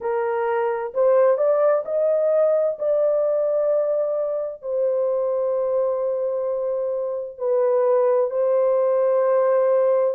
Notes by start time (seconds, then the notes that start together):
0.00 A#4
0.94 C5
1.37 D5
1.85 D#5
2.78 D5
4.62 C5
7.38 B4
8.30 C5